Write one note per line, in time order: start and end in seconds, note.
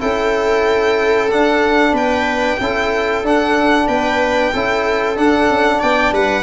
0.00 1.32 C#4
0.00 1.29 E4
0.00 1.94 A4
0.00 1.31 G5
1.30 2.59 D4
1.30 1.93 D4
1.30 1.95 F#5
1.93 2.58 B3
1.93 2.58 B4
1.93 3.26 G5
2.60 3.23 C#4
2.60 3.25 E4
2.60 3.88 A4
3.23 3.88 D4
3.23 4.54 D4
3.23 3.88 F#5
3.88 4.53 B3
3.88 4.53 B4
3.88 5.17 G5
4.53 5.19 C#4
4.53 5.16 E4
4.53 5.79 A4
5.16 6.43 D4
5.16 5.50 D4
5.16 5.82 F#5
5.50 5.83 C#4
5.79 6.13 B3
5.79 6.12 D5
5.79 6.14 G5
6.13 6.43 G3
6.13 6.43 B4
6.13 6.43 F#5